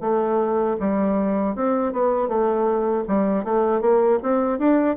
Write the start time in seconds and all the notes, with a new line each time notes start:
0.00 A3
0.79 G3
1.55 C4
1.92 B3
2.28 A3
3.08 G3
3.44 A3
3.81 A#3
4.22 C4
4.58 D4